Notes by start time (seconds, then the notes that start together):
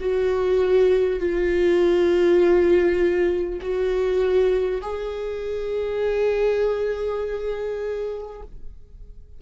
0.00 F#4
1.19 F4
3.61 F#4
4.82 G#4